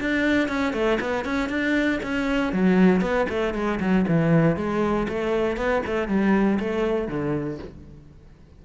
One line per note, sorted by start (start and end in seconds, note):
0.00 0.48 D4
0.48 0.73 C#4
0.73 0.98 A3
1.00 1.24 B3
1.24 1.49 C#4
1.49 2.00 D4
2.02 2.52 C#4
2.52 3.01 F#3
3.01 3.26 B3
3.29 3.53 A3
3.53 3.79 G#3
3.80 4.05 F#3
4.08 4.56 E3
4.56 5.07 G#3
5.08 5.56 A3
5.56 5.82 B3
5.86 6.07 A3
6.07 6.58 G3
6.59 7.08 A3
7.08 7.59 D3